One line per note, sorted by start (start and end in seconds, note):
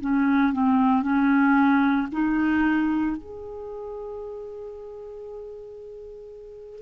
0.00 0.52 C#4
0.52 1.02 C4
1.02 2.07 C#4
2.11 3.16 D#4
3.16 6.82 G#4